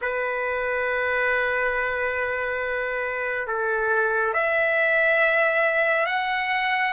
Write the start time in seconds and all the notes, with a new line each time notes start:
0.01 B4
3.47 A4
4.33 E5
6.06 F#5